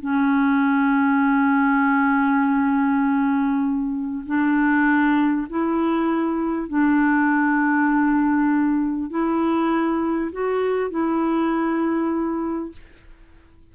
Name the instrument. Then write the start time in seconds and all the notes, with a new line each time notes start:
clarinet
0.00 C#4
4.26 D4
5.49 E4
6.68 D4
9.10 E4
10.32 F#4
10.90 E4